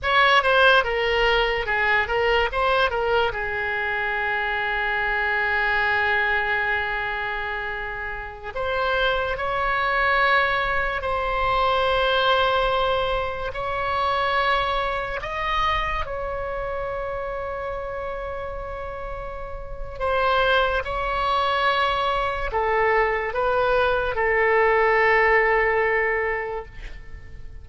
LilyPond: \new Staff \with { instrumentName = "oboe" } { \time 4/4 \tempo 4 = 72 cis''8 c''8 ais'4 gis'8 ais'8 c''8 ais'8 | gis'1~ | gis'2~ gis'16 c''4 cis''8.~ | cis''4~ cis''16 c''2~ c''8.~ |
c''16 cis''2 dis''4 cis''8.~ | cis''1 | c''4 cis''2 a'4 | b'4 a'2. | }